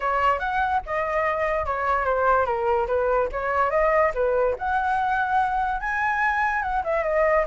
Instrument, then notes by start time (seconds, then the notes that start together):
flute
0.00 C#5
0.39 F#5
0.86 D#5
1.65 C#5
2.05 C5
2.45 A#4
2.87 B4
3.32 C#5
3.70 D#5
4.14 B4
4.58 F#5
5.80 G#5
6.62 F#5
6.84 E5
7.03 D#5